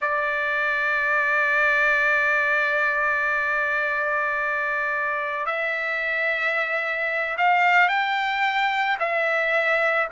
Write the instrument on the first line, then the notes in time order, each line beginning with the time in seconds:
trumpet
0.01 D5
5.45 E5
7.37 F5
7.88 G5
8.99 E5